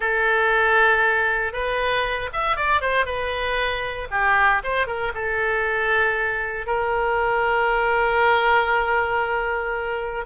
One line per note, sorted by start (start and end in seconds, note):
0.00 1.52 A4
1.52 2.29 B4
2.32 2.56 E5
2.56 2.81 D5
2.81 3.05 C5
3.05 4.08 B4
4.10 4.62 G4
4.63 4.86 C5
4.86 5.12 A#4
5.14 6.66 A4
6.66 10.25 A#4